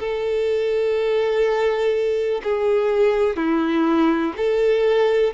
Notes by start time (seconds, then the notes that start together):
0.00 A4
2.44 G#4
3.37 E4
4.37 A4